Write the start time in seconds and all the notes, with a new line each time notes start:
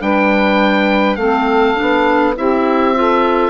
0.00 G3 D4 B4 G5
1.16 A3 C4 A4 F5
1.75 B3 D4
2.36 C4 E4 G4 E5
2.94 F4 A4